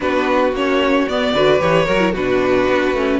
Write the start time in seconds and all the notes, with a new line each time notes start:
0.00 B3 D4 F#4 B4
0.52 A#3 C#4 C#5
1.08 B3 D5
1.33 D3 F#4 B4
1.59 E3 G4 C#5
1.85 F#3 F#4 A#4
1.99 E4
2.12 B2 D4 F#4 B4
2.68 B3
2.93 A3 C#4